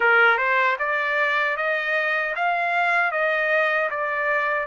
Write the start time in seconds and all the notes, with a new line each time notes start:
0.00 A#4
0.37 C5
0.79 D5
1.57 D#5
2.36 F5
3.11 D#5
3.90 D5